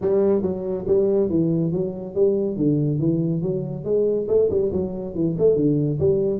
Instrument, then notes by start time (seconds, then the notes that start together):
tuba
0.01 G3
0.42 F#3
0.87 G3
1.29 E3
1.72 F#3
2.14 G3
2.56 D3
2.99 E3
3.41 F#3
3.84 G#3
4.27 A3
4.50 G3
4.72 F#3
5.14 E3
5.38 A3
5.56 D3
5.99 G3